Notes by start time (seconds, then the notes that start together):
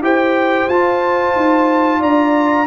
0.00 E4 G4 C5 G5
0.68 F4 A5
1.35 D#4
1.99 D4 D5 A#5